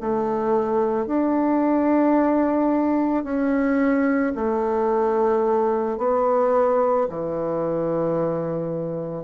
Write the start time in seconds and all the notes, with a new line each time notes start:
0.00 A3
1.06 D4
3.23 C#4
4.34 A3
5.98 B3
7.09 E3